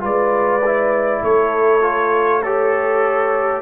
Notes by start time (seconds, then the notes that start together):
0.00 G#3 F4 B4 D5
0.66 E4
1.22 A3 A4 C#5
1.81 F4
2.42 G4 A4 C#5